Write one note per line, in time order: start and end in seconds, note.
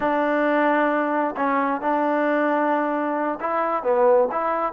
0.00 1.35 D4
1.36 1.81 C#4
1.81 3.39 D4
3.40 3.83 E4
3.83 4.28 B3
4.31 4.72 E4